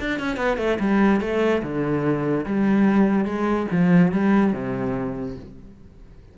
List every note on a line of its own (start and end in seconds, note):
0.00 0.20 D4
0.20 0.37 C#4
0.37 0.58 B3
0.58 0.78 A3
0.80 1.21 G3
1.21 1.63 A3
1.63 2.46 D3
2.46 3.25 G3
3.25 3.67 G#3
3.72 4.12 F3
4.12 4.53 G3
4.53 5.36 C3